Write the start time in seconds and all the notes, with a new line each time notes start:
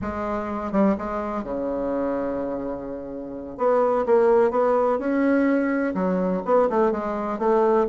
0.01 G#3
0.71 G3
0.98 G#3
1.43 C#3
3.57 B3
4.06 A#3
4.51 B3
4.98 C#4
5.94 F#3
6.45 B3
6.69 A3
6.91 G#3
7.38 A3